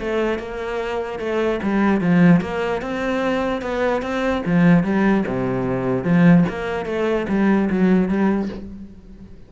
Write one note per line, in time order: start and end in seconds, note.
0.00 0.39 A3
0.39 1.20 A#3
1.20 1.61 A3
1.63 2.02 G3
2.02 2.42 F3
2.42 2.82 A#3
2.82 3.62 C4
3.62 4.02 B3
4.02 4.43 C4
4.46 4.84 F3
4.84 5.25 G3
5.28 6.04 C3
6.04 6.45 F3
6.49 6.86 A#3
6.86 7.27 A3
7.29 7.70 G3
7.71 8.09 F#3
8.09 8.50 G3